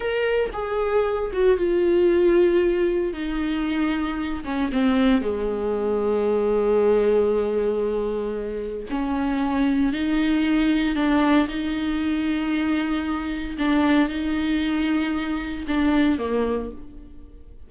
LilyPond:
\new Staff \with { instrumentName = "viola" } { \time 4/4 \tempo 4 = 115 ais'4 gis'4. fis'8 f'4~ | f'2 dis'2~ | dis'8 cis'8 c'4 gis2~ | gis1~ |
gis4 cis'2 dis'4~ | dis'4 d'4 dis'2~ | dis'2 d'4 dis'4~ | dis'2 d'4 ais4 | }